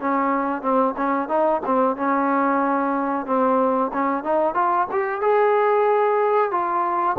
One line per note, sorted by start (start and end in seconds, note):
0.00 0.62 C#4
0.62 0.95 C4
0.97 1.29 C#4
1.29 1.61 D#4
1.66 1.97 C4
1.97 3.26 C#4
3.26 3.91 C4
3.93 4.24 C#4
4.24 4.55 D#4
4.55 4.87 F4
4.92 5.21 G4
5.21 6.52 G#4
6.52 7.17 F4